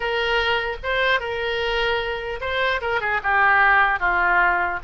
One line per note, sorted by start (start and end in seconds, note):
0.00 0.76 A#4
0.83 1.20 C5
1.20 2.40 A#4
2.40 2.80 C5
2.81 3.00 A#4
3.00 3.20 G#4
3.23 3.99 G4
3.99 4.79 F4